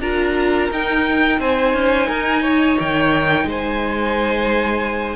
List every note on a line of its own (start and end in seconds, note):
0.00 0.69 D4
0.00 0.71 F4
0.00 1.39 A#4
0.00 0.70 A#5
0.70 1.39 D#4
0.70 5.16 D#4
0.70 1.40 G5
1.39 1.73 C4
1.39 2.08 C5
1.39 2.78 G#5
1.73 2.08 C#4
2.08 2.77 D#4
2.08 2.42 A#4
2.42 3.45 C#5
2.80 3.45 D#3
2.80 3.49 G5
3.45 5.16 G#3
3.45 5.16 C5
3.51 5.16 G#5